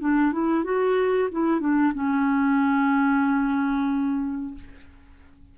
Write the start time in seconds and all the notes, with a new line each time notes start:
0.00 D4
0.32 E4
0.63 F#4
1.31 E4
1.60 D4
1.93 C#4